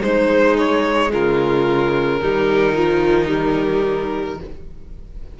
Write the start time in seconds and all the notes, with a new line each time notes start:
0.00 G#3 D#4 C5
0.57 C#5
1.11 C#3 F4 A#4
2.20 D#3 G3 D#4
2.75 F3
3.28 G3